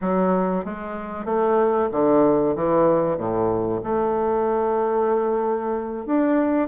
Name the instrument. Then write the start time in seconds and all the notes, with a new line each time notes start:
bassoon
0.01 F#3
0.64 G#3
1.25 A3
1.92 D3
2.55 E3
3.17 A2
3.83 A3
6.06 D4